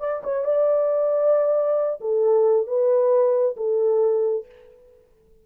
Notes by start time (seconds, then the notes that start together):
0.00 D5
0.24 C#5
0.45 D5
2.01 A4
2.67 B4
3.57 A4